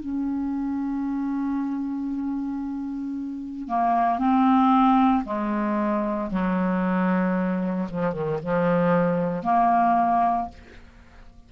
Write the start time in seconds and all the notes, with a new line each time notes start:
0.00 C#4
3.68 A#3
4.19 C4
5.25 G#3
6.31 F#3
7.90 F3
8.13 D#3
8.43 F3
9.44 A#3